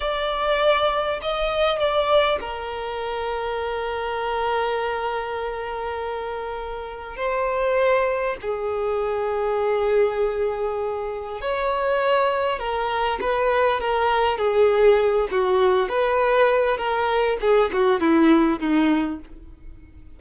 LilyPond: \new Staff \with { instrumentName = "violin" } { \time 4/4 \tempo 4 = 100 d''2 dis''4 d''4 | ais'1~ | ais'1 | c''2 gis'2~ |
gis'2. cis''4~ | cis''4 ais'4 b'4 ais'4 | gis'4. fis'4 b'4. | ais'4 gis'8 fis'8 e'4 dis'4 | }